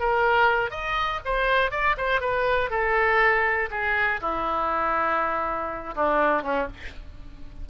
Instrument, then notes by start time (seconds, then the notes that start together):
oboe
0.00 A#4
0.71 D#5
1.25 C5
1.71 D5
1.97 C5
2.21 B4
2.70 A4
3.71 G#4
4.21 E4
5.95 D4
6.43 C#4